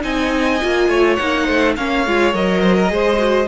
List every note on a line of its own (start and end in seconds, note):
0.00 0.61 C4
0.00 0.58 D#4
0.00 0.89 D#5
0.00 1.15 G#5
0.61 0.88 A#3
0.61 1.18 F4
0.88 1.17 A3
0.88 1.45 C#5
1.15 1.48 A#3
1.15 1.76 D#4
1.15 1.73 F#5
1.45 1.77 A3
1.45 1.74 C5
1.76 2.06 A#3
1.76 2.06 C#4
1.76 2.61 C#5
1.76 2.33 F5
2.06 2.33 G#3
2.06 2.32 F4
2.32 2.90 F#3
2.32 2.87 A#4
2.32 3.48 D#5
2.61 2.75 C5
2.77 2.91 A#4
2.87 3.48 G#3
2.87 3.16 G#4
2.87 3.48 C5
3.18 3.46 F#4